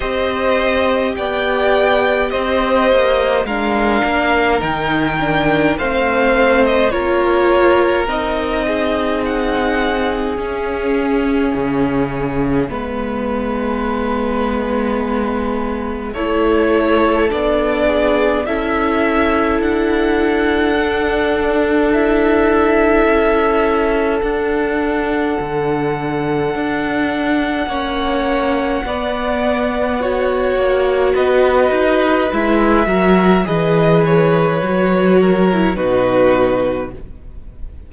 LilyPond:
<<
  \new Staff \with { instrumentName = "violin" } { \time 4/4 \tempo 4 = 52 dis''4 g''4 dis''4 f''4 | g''4 f''8. dis''16 cis''4 dis''4 | fis''4 e''2.~ | e''2 cis''4 d''4 |
e''4 fis''2 e''4~ | e''4 fis''2.~ | fis''2. dis''4 | e''4 dis''8 cis''4. b'4 | }
  \new Staff \with { instrumentName = "violin" } { \time 4/4 c''4 d''4 c''4 ais'4~ | ais'4 c''4 ais'4. gis'8~ | gis'2. b'4~ | b'2 a'4. gis'8 |
a'1~ | a'1 | cis''4 d''4 cis''4 b'4~ | b'8 ais'8 b'4. ais'8 fis'4 | }
  \new Staff \with { instrumentName = "viola" } { \time 4/4 g'2. d'4 | dis'8 d'8 c'4 f'4 dis'4~ | dis'4 cis'2 b4~ | b2 e'4 d'4 |
e'2 d'4 e'4~ | e'4 d'2. | cis'4 b4 fis'2 | e'8 fis'8 gis'4 fis'8. e'16 dis'4 | }
  \new Staff \with { instrumentName = "cello" } { \time 4/4 c'4 b4 c'8 ais8 gis8 ais8 | dis4 a4 ais4 c'4~ | c'4 cis'4 cis4 gis4~ | gis2 a4 b4 |
cis'4 d'2. | cis'4 d'4 d4 d'4 | ais4 b4. ais8 b8 dis'8 | gis8 fis8 e4 fis4 b,4 | }
>>